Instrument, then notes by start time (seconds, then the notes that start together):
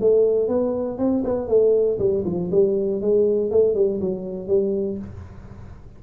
tuba
0.00 A3
0.48 B3
0.97 C4
1.24 B3
1.47 A3
1.98 G3
2.24 F3
2.51 G3
3.01 G#3
3.50 A3
3.74 G3
4.00 F#3
4.47 G3